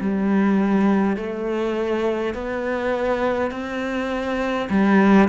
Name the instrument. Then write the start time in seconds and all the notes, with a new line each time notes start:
cello
0.00 G3
1.16 A3
2.34 B3
3.51 C4
4.70 G3